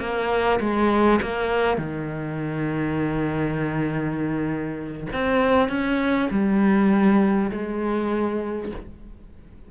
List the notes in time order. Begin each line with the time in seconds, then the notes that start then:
0.00 A#3
0.61 G#3
1.22 A#3
1.78 D#3
5.13 C4
5.69 C#4
6.31 G3
7.52 G#3